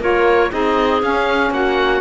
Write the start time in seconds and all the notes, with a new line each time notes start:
0.00 A#3 F4 A#4 C#5
0.50 C4 D#4 G#4 D#5
1.01 C#4 F5
1.51 A#3 F#4 F#5